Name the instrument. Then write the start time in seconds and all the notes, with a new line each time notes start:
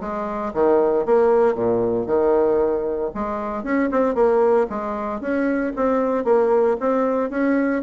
bassoon
0.00 G#3
0.53 D#3
1.05 A#3
1.54 A#2
2.06 D#3
3.14 G#3
3.63 C#4
3.91 C4
4.14 A#3
4.69 G#3
5.20 C#4
5.76 C4
6.24 A#3
6.80 C4
7.30 C#4